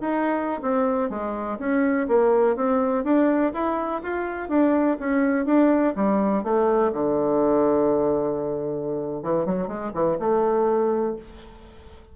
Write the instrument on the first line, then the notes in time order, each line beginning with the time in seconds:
bassoon
0.00 D#4
0.62 C4
1.09 G#3
1.59 C#4
2.07 A#3
2.56 C4
3.04 D4
3.53 E4
4.02 F4
4.49 D4
4.99 C#4
5.45 D4
5.95 G3
6.43 A3
6.92 D3
9.22 E3
9.45 F#3
9.67 G#3
9.93 E3
10.19 A3